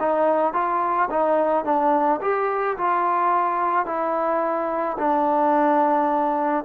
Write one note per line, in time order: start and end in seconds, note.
0.00 0.53 D#4
0.53 1.09 F4
1.10 1.64 D#4
1.64 2.20 D4
2.21 2.77 G4
2.77 3.86 F4
3.86 4.97 E4
4.98 6.64 D4